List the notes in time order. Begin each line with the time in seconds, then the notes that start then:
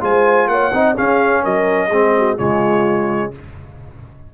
0.00 G#3 F4 C5 G#5
0.47 A#3 C#5 F#5
0.72 C4 D#4 D#5
0.94 C#4 G#4 F5
1.42 F#3 A#4 D#5
1.88 G#3 C4 G#4
2.17 F#4
2.36 C#3 G#3 F4 C#5